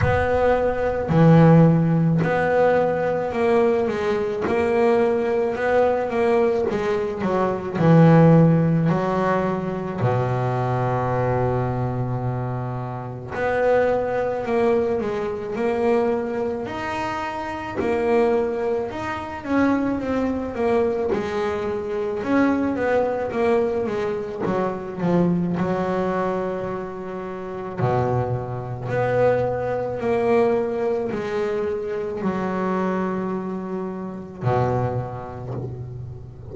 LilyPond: \new Staff \with { instrumentName = "double bass" } { \time 4/4 \tempo 4 = 54 b4 e4 b4 ais8 gis8 | ais4 b8 ais8 gis8 fis8 e4 | fis4 b,2. | b4 ais8 gis8 ais4 dis'4 |
ais4 dis'8 cis'8 c'8 ais8 gis4 | cis'8 b8 ais8 gis8 fis8 f8 fis4~ | fis4 b,4 b4 ais4 | gis4 fis2 b,4 | }